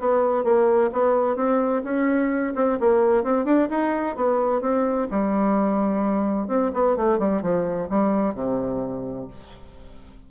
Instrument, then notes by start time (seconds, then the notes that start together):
bassoon
0.00 B3
0.44 A#3
0.93 B3
1.36 C4
1.84 C#4
2.56 C4
2.81 A#3
3.24 C4
3.45 D4
3.70 D#4
4.16 B3
4.62 C4
5.11 G3
6.48 C4
6.74 B3
6.97 A3
7.19 G3
7.42 F3
7.90 G3
8.35 C3